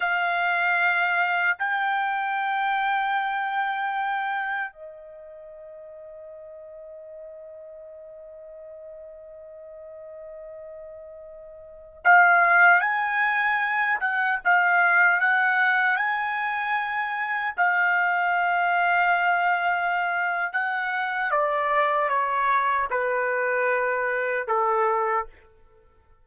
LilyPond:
\new Staff \with { instrumentName = "trumpet" } { \time 4/4 \tempo 4 = 76 f''2 g''2~ | g''2 dis''2~ | dis''1~ | dis''2.~ dis''16 f''8.~ |
f''16 gis''4. fis''8 f''4 fis''8.~ | fis''16 gis''2 f''4.~ f''16~ | f''2 fis''4 d''4 | cis''4 b'2 a'4 | }